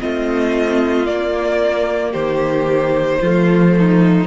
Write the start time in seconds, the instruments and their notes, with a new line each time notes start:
0.00 cello A3, viola C4, violin F4 D#5
1.06 cello A#3, viola A#3, violin D5
2.12 cello D#3, violin G4 C5
3.21 cello F3, viola A3, violin F4
3.79 violin D#4